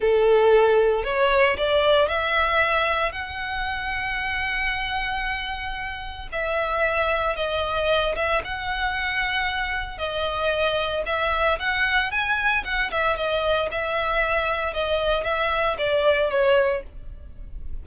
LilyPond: \new Staff \with { instrumentName = "violin" } { \time 4/4 \tempo 4 = 114 a'2 cis''4 d''4 | e''2 fis''2~ | fis''1 | e''2 dis''4. e''8 |
fis''2. dis''4~ | dis''4 e''4 fis''4 gis''4 | fis''8 e''8 dis''4 e''2 | dis''4 e''4 d''4 cis''4 | }